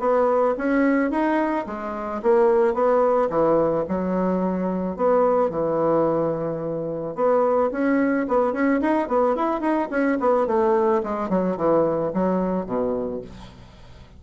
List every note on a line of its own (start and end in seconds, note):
0.00 0.55 B3
0.58 1.11 C#4
1.11 1.66 D#4
1.67 2.22 G#3
2.23 2.74 A#3
2.74 3.29 B3
3.30 3.85 E3
3.89 4.97 F#3
4.97 5.50 B3
5.50 7.15 E3
7.16 7.71 B3
7.72 8.27 C#4
8.28 8.53 B3
8.53 8.80 C#4
8.81 9.08 D#4
9.08 9.36 B3
9.36 9.61 E4
9.61 9.89 D#4
9.91 10.18 C#4
10.20 10.47 B3
10.47 11.02 A3
11.03 11.29 G#3
11.29 11.57 F#3
11.57 12.12 E3
12.14 12.66 F#3
12.66 13.21 B2